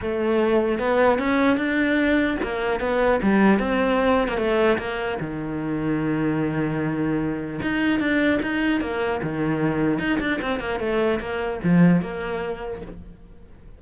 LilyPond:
\new Staff \with { instrumentName = "cello" } { \time 4/4 \tempo 4 = 150 a2 b4 cis'4 | d'2 ais4 b4 | g4 c'4.~ c'16 ais16 a4 | ais4 dis2.~ |
dis2. dis'4 | d'4 dis'4 ais4 dis4~ | dis4 dis'8 d'8 c'8 ais8 a4 | ais4 f4 ais2 | }